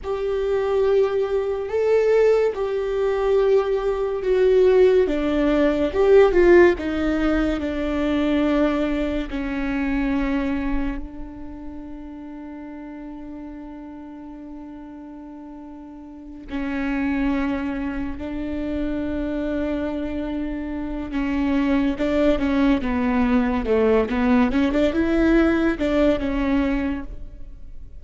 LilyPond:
\new Staff \with { instrumentName = "viola" } { \time 4/4 \tempo 4 = 71 g'2 a'4 g'4~ | g'4 fis'4 d'4 g'8 f'8 | dis'4 d'2 cis'4~ | cis'4 d'2.~ |
d'2.~ d'8 cis'8~ | cis'4. d'2~ d'8~ | d'4 cis'4 d'8 cis'8 b4 | a8 b8 cis'16 d'16 e'4 d'8 cis'4 | }